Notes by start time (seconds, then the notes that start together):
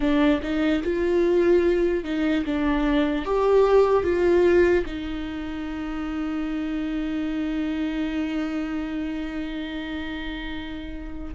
0.00 D4
0.42 D#4
0.83 F4
2.04 D#4
2.45 D4
3.25 G4
4.03 F4
4.85 D#4